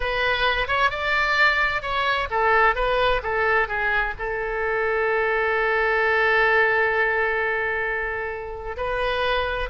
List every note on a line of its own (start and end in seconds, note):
0.00 0.67 B4
0.67 0.90 C#5
0.90 1.81 D5
1.81 2.28 C#5
2.30 2.75 A4
2.75 3.21 B4
3.23 3.68 A4
3.68 4.14 G#4
4.19 8.76 A4
8.76 9.69 B4